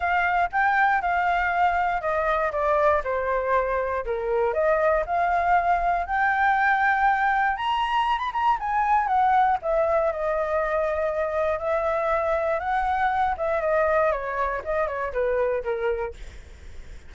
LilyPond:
\new Staff \with { instrumentName = "flute" } { \time 4/4 \tempo 4 = 119 f''4 g''4 f''2 | dis''4 d''4 c''2 | ais'4 dis''4 f''2 | g''2. ais''4~ |
ais''16 b''16 ais''8 gis''4 fis''4 e''4 | dis''2. e''4~ | e''4 fis''4. e''8 dis''4 | cis''4 dis''8 cis''8 b'4 ais'4 | }